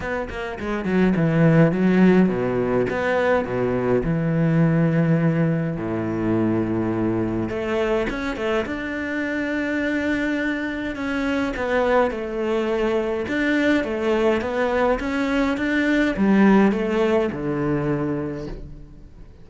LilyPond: \new Staff \with { instrumentName = "cello" } { \time 4/4 \tempo 4 = 104 b8 ais8 gis8 fis8 e4 fis4 | b,4 b4 b,4 e4~ | e2 a,2~ | a,4 a4 cis'8 a8 d'4~ |
d'2. cis'4 | b4 a2 d'4 | a4 b4 cis'4 d'4 | g4 a4 d2 | }